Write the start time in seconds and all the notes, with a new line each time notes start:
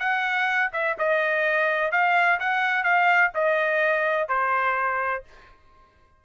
0.00 F#5
0.73 E5
0.99 D#5
1.92 F5
2.40 F#5
2.84 F5
3.35 D#5
4.29 C5